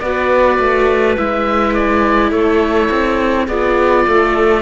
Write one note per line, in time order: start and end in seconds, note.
0.00 0.59 B3
0.00 1.18 F#4
0.00 2.30 B4
0.00 1.15 D5
0.59 1.17 A3
1.17 2.31 G#3
1.17 3.48 E4
1.17 1.74 E5
1.74 2.31 D5
2.30 2.89 A3
2.30 3.45 A4
2.30 3.46 C#5
2.90 3.48 C4
3.47 4.06 B3
3.47 4.62 F4
3.47 4.04 G#4
3.47 4.62 D5
4.06 4.62 A3
4.06 4.62 A4